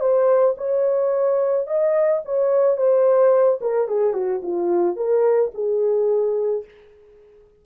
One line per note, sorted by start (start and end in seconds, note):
0.00 0.55 C5
0.57 1.67 C#5
1.67 2.22 D#5
2.25 2.77 C#5
2.77 3.59 C5
3.61 3.88 A#4
3.88 4.14 G#4
4.14 4.41 F#4
4.43 4.96 F4
4.96 5.51 A#4
5.54 6.64 G#4